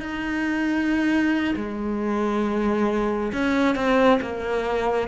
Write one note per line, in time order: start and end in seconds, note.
0.00 1.54 D#4
1.56 3.32 G#3
3.32 3.75 C#4
3.75 4.19 C4
4.22 5.08 A#3